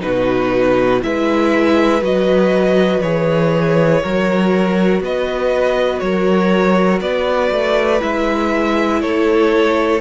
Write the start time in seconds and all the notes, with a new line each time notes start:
0.00 B2 D#4 F#4 B4
1.02 G#3 E4 B4 E5
2.02 F#3 F#4 D#5
3.02 E3 G#4 C#5
4.03 F#3 F#4 A#4
5.01 B3 B4 D#5
6.00 F#3 A#4 C#5
7.01 B3 B4 D5
7.52 A3
8.00 G#3 E4 E5
9.02 A3 A4 C#5